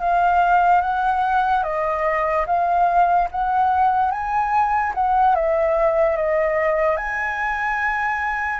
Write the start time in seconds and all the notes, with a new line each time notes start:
0.00 F5
0.81 F#5
1.64 D#5
2.47 F5
3.31 F#5
4.11 G#5
4.95 F#5
5.35 E5
6.17 D#5
6.97 G#5